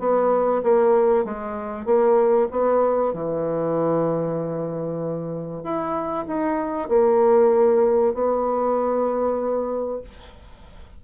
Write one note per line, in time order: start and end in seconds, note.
0.00 0.62 B3
0.63 1.25 A#3
1.25 1.86 G#3
1.86 2.48 A#3
2.51 3.14 B3
3.14 5.64 E3
5.64 6.26 E4
6.27 6.89 D#4
6.89 8.14 A#3
8.14 10.01 B3